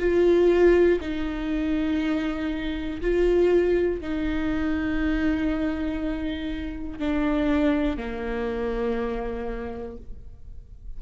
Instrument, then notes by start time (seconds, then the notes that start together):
viola
0.00 F4
1.01 D#4
3.02 F4
4.01 D#4
7.00 D4
7.98 A#3